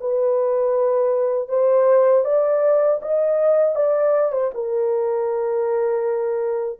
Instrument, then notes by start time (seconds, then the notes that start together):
horn
0.00 B4
1.49 C5
2.24 D5
3.02 D#5
3.76 D5
4.32 C5
4.54 A#4